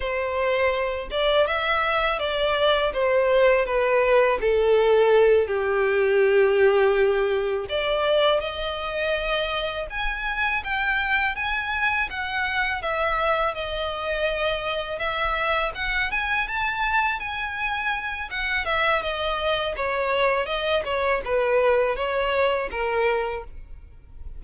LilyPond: \new Staff \with { instrumentName = "violin" } { \time 4/4 \tempo 4 = 82 c''4. d''8 e''4 d''4 | c''4 b'4 a'4. g'8~ | g'2~ g'8 d''4 dis''8~ | dis''4. gis''4 g''4 gis''8~ |
gis''8 fis''4 e''4 dis''4.~ | dis''8 e''4 fis''8 gis''8 a''4 gis''8~ | gis''4 fis''8 e''8 dis''4 cis''4 | dis''8 cis''8 b'4 cis''4 ais'4 | }